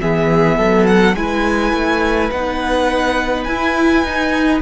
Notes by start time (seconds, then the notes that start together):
0.00 E3 B3 G#4 E5
0.57 F#3 A4
0.87 F#5
1.15 G#3 E4 B4 G#5
1.73 A3
2.31 B3 D#4 F#5
3.44 E4 G#5
4.04 D#4